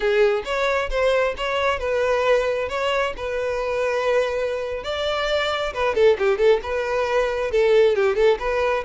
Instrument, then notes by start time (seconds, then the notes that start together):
violin
0.00 G#4
0.44 C#5
0.90 C5
1.37 C#5
1.79 B4
2.68 C#5
3.16 B4
4.83 D5
5.73 B4
5.94 A4
6.18 G4
6.37 A4
6.62 B4
7.51 A4
7.95 G4
8.15 A4
8.39 B4